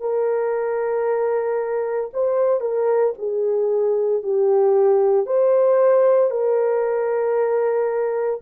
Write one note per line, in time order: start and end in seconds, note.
0.00 2.11 A#4
2.13 2.61 C5
2.61 3.13 A#4
3.18 4.23 G#4
4.23 5.26 G4
5.26 6.31 C5
6.31 8.41 A#4